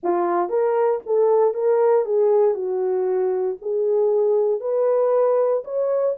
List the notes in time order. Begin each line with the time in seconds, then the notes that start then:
0.03 F4
0.49 A#4
1.05 A4
1.54 A#4
2.05 G#4
2.54 F#4
3.61 G#4
4.60 B4
5.64 C#5